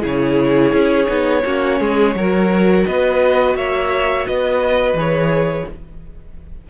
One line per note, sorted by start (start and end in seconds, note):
0.00 0.72 C#3
0.00 1.06 E4
0.00 1.42 G#4
0.00 2.86 C#5
0.72 1.07 C#4
1.06 1.44 B3
1.06 1.41 D#4
1.44 1.80 A#3
1.44 2.15 C#4
1.44 1.80 F#4
1.80 2.15 G#3
1.80 2.15 G#4
2.15 2.85 F#3
2.15 4.96 F#4
2.15 2.86 A#4
2.86 3.55 B3
2.86 3.57 B4
2.86 3.56 D#5
3.55 4.26 A#3
3.55 4.27 C#5
3.55 4.26 E5
4.26 4.93 B3
4.26 5.69 B4
4.26 4.97 D#5
4.93 5.64 E3
4.93 5.67 G#4
4.99 5.70 C#5